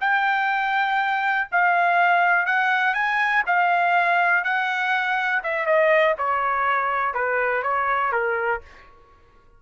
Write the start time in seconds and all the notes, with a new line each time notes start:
0.00 G5
1.51 F5
2.46 F#5
2.94 G#5
3.46 F5
4.44 F#5
5.43 E5
5.66 D#5
6.17 C#5
7.14 B4
7.63 C#5
8.11 A#4